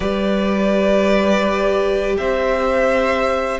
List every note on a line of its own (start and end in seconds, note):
0.00 2.17 G3
0.00 3.60 G4
0.00 2.16 B4
0.00 2.16 D5
2.17 3.60 C4
2.17 3.60 C5
2.17 3.60 E5